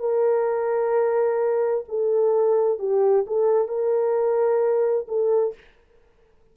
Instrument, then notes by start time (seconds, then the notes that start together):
horn
0.00 A#4
1.89 A4
2.79 G4
3.27 A4
3.68 A#4
5.09 A4